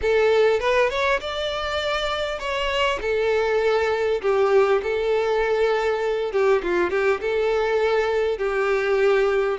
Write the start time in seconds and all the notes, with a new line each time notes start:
0.01 A4
0.59 B4
0.90 C#5
1.20 D5
2.39 C#5
3.01 A4
4.21 G4
4.82 A4
6.32 G4
6.62 F4
6.90 G4
7.21 A4
8.38 G4